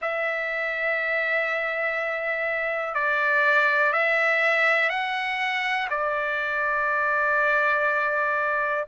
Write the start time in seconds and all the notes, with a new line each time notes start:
0.01 E5
2.94 D5
3.93 E5
4.89 F#5
5.90 D5